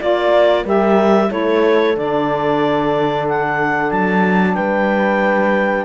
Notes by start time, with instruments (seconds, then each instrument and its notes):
0.00 cello A#3, saxophone F4, clarinet D5, horn D5
0.65 cello G3, saxophone G4, horn A#4, clarinet E5
1.29 cello A3, saxophone E4, horn A4, clarinet C#5
1.96 cello D3, saxophone D4, clarinet D5
3.28 clarinet F#5
3.91 cello F#3, clarinet A5
4.55 cello G3, horn B4, clarinet G5